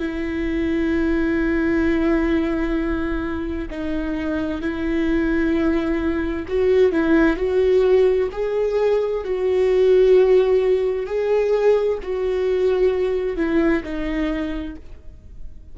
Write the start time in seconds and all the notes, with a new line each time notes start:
0.00 E4
3.70 D#4
4.62 E4
6.48 F#4
6.92 E4
7.37 F#4
8.32 G#4
9.25 F#4
11.06 G#4
12.03 F#4
13.37 E4
13.84 D#4